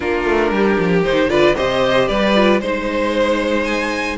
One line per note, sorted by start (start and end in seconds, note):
0.00 0.25 A#3
0.00 1.04 D4
0.00 0.52 F4
0.00 1.03 A#4
0.25 0.50 A3
0.50 0.76 G3
0.50 1.29 G4
0.78 1.04 F3
1.03 1.28 D#3
1.03 1.28 D#4
1.03 1.29 C5
1.28 1.54 D3
1.28 1.54 F4
1.28 1.55 B4
1.28 1.55 D5
1.55 2.08 C3
1.55 2.34 G4
1.55 2.08 C5
1.55 2.07 D#5
2.07 2.60 G3
2.07 2.60 B4
2.07 2.59 D5
2.35 2.61 F4
2.60 4.17 G#3
2.60 4.17 D#4
2.60 3.64 C5
2.60 4.17 C5
3.64 4.16 G#5